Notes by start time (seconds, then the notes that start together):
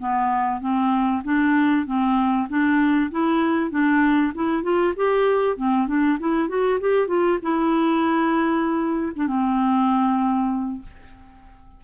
0.00 B3
0.61 C4
1.25 D4
1.86 C4
2.49 D4
3.12 E4
3.71 D4
4.35 E4
4.63 F4
4.97 G4
5.57 C4
5.88 D4
6.20 E4
6.49 F#4
6.81 G4
7.08 F4
7.43 E4
9.16 D4
9.28 C4